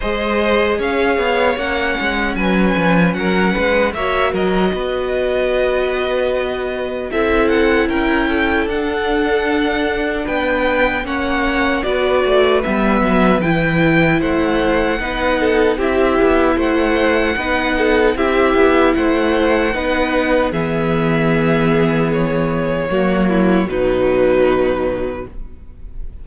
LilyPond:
<<
  \new Staff \with { instrumentName = "violin" } { \time 4/4 \tempo 4 = 76 dis''4 f''4 fis''4 gis''4 | fis''4 e''8 dis''2~ dis''8~ | dis''4 e''8 fis''8 g''4 fis''4~ | fis''4 g''4 fis''4 d''4 |
e''4 g''4 fis''2 | e''4 fis''2 e''4 | fis''2 e''2 | cis''2 b'2 | }
  \new Staff \with { instrumentName = "violin" } { \time 4/4 c''4 cis''2 b'4 | ais'8 b'8 cis''8 ais'8 b'2~ | b'4 a'4 ais'8 a'4.~ | a'4 b'4 cis''4 b'4~ |
b'2 c''4 b'8 a'8 | g'4 c''4 b'8 a'8 g'4 | c''4 b'4 gis'2~ | gis'4 fis'8 e'8 dis'2 | }
  \new Staff \with { instrumentName = "viola" } { \time 4/4 gis'2 cis'2~ | cis'4 fis'2.~ | fis'4 e'2 d'4~ | d'2 cis'4 fis'4 |
b4 e'2 dis'4 | e'2 dis'4 e'4~ | e'4 dis'4 b2~ | b4 ais4 fis2 | }
  \new Staff \with { instrumentName = "cello" } { \time 4/4 gis4 cis'8 b8 ais8 gis8 fis8 f8 | fis8 gis8 ais8 fis8 b2~ | b4 c'4 cis'4 d'4~ | d'4 b4 ais4 b8 a8 |
g8 fis8 e4 a4 b4 | c'8 b8 a4 b4 c'8 b8 | a4 b4 e2~ | e4 fis4 b,2 | }
>>